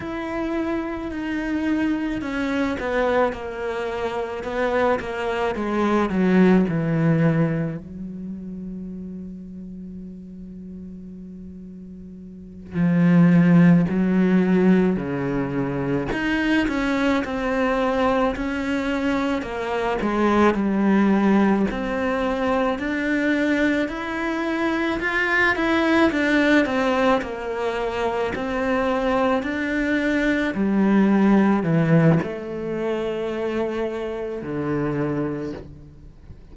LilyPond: \new Staff \with { instrumentName = "cello" } { \time 4/4 \tempo 4 = 54 e'4 dis'4 cis'8 b8 ais4 | b8 ais8 gis8 fis8 e4 fis4~ | fis2.~ fis8 f8~ | f8 fis4 cis4 dis'8 cis'8 c'8~ |
c'8 cis'4 ais8 gis8 g4 c'8~ | c'8 d'4 e'4 f'8 e'8 d'8 | c'8 ais4 c'4 d'4 g8~ | g8 e8 a2 d4 | }